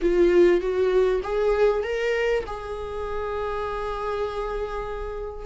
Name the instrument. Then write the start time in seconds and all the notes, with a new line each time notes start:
viola
0.01 F4
0.60 F#4
1.23 G#4
1.83 A#4
2.46 G#4